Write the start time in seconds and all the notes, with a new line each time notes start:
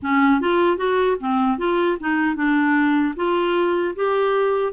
0.02 C#4
0.41 F4
0.77 F#4
1.19 C4
1.58 F4
2.00 D#4
2.35 D4
3.16 F4
3.95 G4